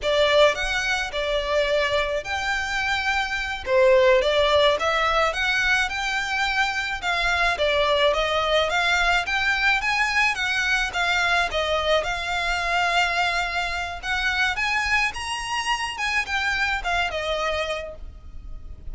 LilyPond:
\new Staff \with { instrumentName = "violin" } { \time 4/4 \tempo 4 = 107 d''4 fis''4 d''2 | g''2~ g''8 c''4 d''8~ | d''8 e''4 fis''4 g''4.~ | g''8 f''4 d''4 dis''4 f''8~ |
f''8 g''4 gis''4 fis''4 f''8~ | f''8 dis''4 f''2~ f''8~ | f''4 fis''4 gis''4 ais''4~ | ais''8 gis''8 g''4 f''8 dis''4. | }